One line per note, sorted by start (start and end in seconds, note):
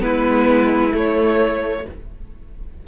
0.00 0.93 G#3
0.00 0.91 B3
0.00 1.85 E4
0.00 0.94 B4
0.91 1.82 A3
0.91 1.86 A3
0.91 1.88 C#5